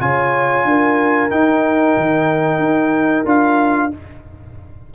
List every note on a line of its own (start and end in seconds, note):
0.00 0.65 C#3
0.00 1.30 F4
0.00 0.68 C#5
0.00 1.31 G#5
0.65 1.30 D4
0.65 3.95 A#4
1.30 3.26 D#4
1.30 1.96 D#4
1.30 3.26 G5
1.97 2.59 D#3
2.59 3.24 D#4
3.25 3.91 D4
3.25 3.91 F4
3.25 3.93 F5